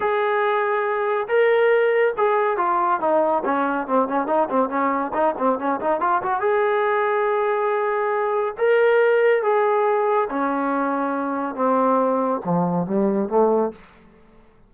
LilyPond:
\new Staff \with { instrumentName = "trombone" } { \time 4/4 \tempo 4 = 140 gis'2. ais'4~ | ais'4 gis'4 f'4 dis'4 | cis'4 c'8 cis'8 dis'8 c'8 cis'4 | dis'8 c'8 cis'8 dis'8 f'8 fis'8 gis'4~ |
gis'1 | ais'2 gis'2 | cis'2. c'4~ | c'4 f4 g4 a4 | }